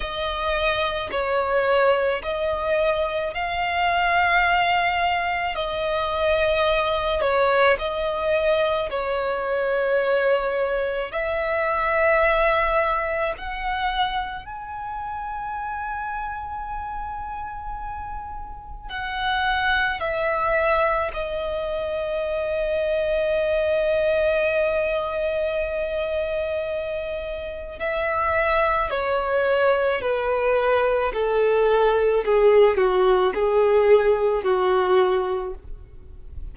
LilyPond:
\new Staff \with { instrumentName = "violin" } { \time 4/4 \tempo 4 = 54 dis''4 cis''4 dis''4 f''4~ | f''4 dis''4. cis''8 dis''4 | cis''2 e''2 | fis''4 gis''2.~ |
gis''4 fis''4 e''4 dis''4~ | dis''1~ | dis''4 e''4 cis''4 b'4 | a'4 gis'8 fis'8 gis'4 fis'4 | }